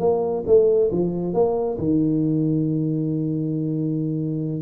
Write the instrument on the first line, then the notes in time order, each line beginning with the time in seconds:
tuba
0.00 A#3
0.47 A3
0.92 F3
1.34 A#3
1.78 D#3